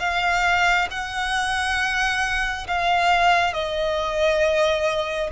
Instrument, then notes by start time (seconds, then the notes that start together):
violin
0.00 F5
0.91 F#5
2.68 F5
3.54 D#5